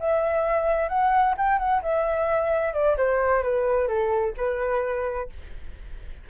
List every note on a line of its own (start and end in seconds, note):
0.00 0.89 E5
0.89 1.35 F#5
1.38 1.59 G5
1.59 1.82 F#5
1.82 2.74 E5
2.74 2.97 D5
2.97 3.43 C5
3.43 3.88 B4
3.88 4.34 A4
4.37 5.30 B4